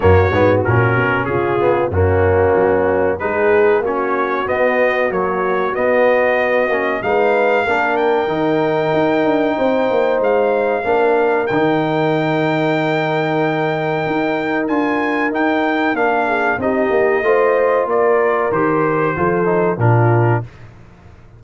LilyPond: <<
  \new Staff \with { instrumentName = "trumpet" } { \time 4/4 \tempo 4 = 94 cis''4 ais'4 gis'4 fis'4~ | fis'4 b'4 cis''4 dis''4 | cis''4 dis''2 f''4~ | f''8 g''2.~ g''8 |
f''2 g''2~ | g''2. gis''4 | g''4 f''4 dis''2 | d''4 c''2 ais'4 | }
  \new Staff \with { instrumentName = "horn" } { \time 4/4 fis'2 f'4 cis'4~ | cis'4 gis'4 fis'2~ | fis'2. b'4 | ais'2. c''4~ |
c''4 ais'2.~ | ais'1~ | ais'4. gis'8 g'4 c''4 | ais'2 a'4 f'4 | }
  \new Staff \with { instrumentName = "trombone" } { \time 4/4 ais8 b8 cis'4. b8 ais4~ | ais4 dis'4 cis'4 b4 | fis4 b4. cis'8 dis'4 | d'4 dis'2.~ |
dis'4 d'4 dis'2~ | dis'2. f'4 | dis'4 d'4 dis'4 f'4~ | f'4 g'4 f'8 dis'8 d'4 | }
  \new Staff \with { instrumentName = "tuba" } { \time 4/4 fis,8 gis,8 ais,8 b,8 cis4 fis,4 | fis4 gis4 ais4 b4 | ais4 b4. ais8 gis4 | ais4 dis4 dis'8 d'8 c'8 ais8 |
gis4 ais4 dis2~ | dis2 dis'4 d'4 | dis'4 ais4 c'8 ais8 a4 | ais4 dis4 f4 ais,4 | }
>>